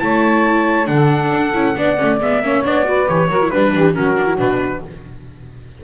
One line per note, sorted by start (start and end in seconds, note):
0.00 0.89 A3
0.00 0.86 E4
0.00 0.90 C#5
0.00 0.88 A5
0.86 1.32 D3
0.86 1.52 D4
0.86 1.78 A4
0.86 2.19 F#5
1.32 1.54 D4
1.54 1.76 C#4
1.54 1.76 E4
1.77 1.99 B3
1.77 1.97 D4
1.77 2.43 D5
1.97 2.20 A3
1.97 2.19 C#4
2.20 2.42 G#3
2.20 2.43 B3
2.20 2.66 E5
2.42 2.64 A#3
2.42 2.65 C#4
2.42 2.86 C#5
2.65 3.08 B3
2.65 2.85 D4
2.65 3.09 D5
2.85 3.07 F#4
2.85 3.29 B4
3.07 3.29 E3
3.07 3.29 G4
3.07 3.51 C#5
3.29 3.51 F#3
3.29 3.43 F#4
3.29 3.51 A#4
3.43 3.53 E4
3.51 3.75 G3
3.51 3.94 D4
3.51 3.95 B4
3.51 3.74 B4
3.75 3.97 E3
3.75 3.95 G4
3.94 4.39 F#3
3.94 4.16 C#4
3.94 4.82 F#4
3.94 4.40 A#4
4.17 4.27 D4
4.27 4.37 E4
4.37 4.83 B2
4.37 4.81 D4
4.37 4.84 B4